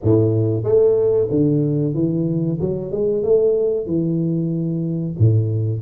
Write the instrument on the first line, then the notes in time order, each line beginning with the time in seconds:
tuba
0.03 A2
0.63 A3
1.30 D3
1.94 E3
2.60 F#3
2.91 G#3
3.23 A3
3.86 E3
5.18 A2